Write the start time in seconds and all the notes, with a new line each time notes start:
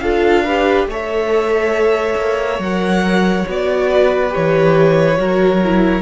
0.00 D4 F4 A4 F5
0.44 G4 B4
0.86 A3 A4 C#5
0.93 E5
2.16 A#3
2.59 F#3 A#4 F#5
3.47 B3 F#4 D5
3.90 B4
4.29 G4 C#5
4.36 E3
5.17 F#3 F#4 A#4
5.64 E4